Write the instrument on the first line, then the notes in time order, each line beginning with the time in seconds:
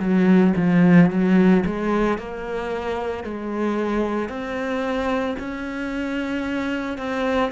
cello
0.00 F#3
0.57 F3
1.11 F#3
1.66 G#3
2.19 A#3
3.24 G#3
4.29 C4
5.39 C#4
6.98 C4